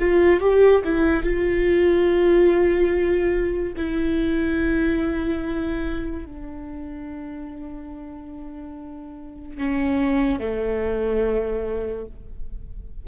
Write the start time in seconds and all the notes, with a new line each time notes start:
0.00 F4
0.41 G4
0.84 E4
1.23 F4
3.77 E4
6.26 D4
9.58 C#4
10.39 A3